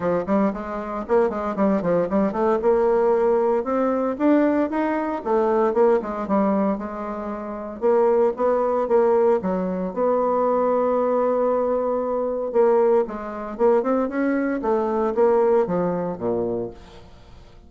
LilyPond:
\new Staff \with { instrumentName = "bassoon" } { \time 4/4 \tempo 4 = 115 f8 g8 gis4 ais8 gis8 g8 f8 | g8 a8 ais2 c'4 | d'4 dis'4 a4 ais8 gis8 | g4 gis2 ais4 |
b4 ais4 fis4 b4~ | b1 | ais4 gis4 ais8 c'8 cis'4 | a4 ais4 f4 ais,4 | }